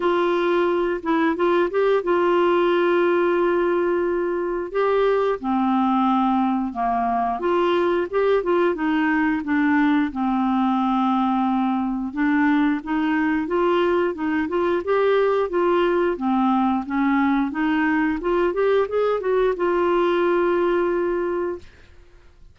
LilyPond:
\new Staff \with { instrumentName = "clarinet" } { \time 4/4 \tempo 4 = 89 f'4. e'8 f'8 g'8 f'4~ | f'2. g'4 | c'2 ais4 f'4 | g'8 f'8 dis'4 d'4 c'4~ |
c'2 d'4 dis'4 | f'4 dis'8 f'8 g'4 f'4 | c'4 cis'4 dis'4 f'8 g'8 | gis'8 fis'8 f'2. | }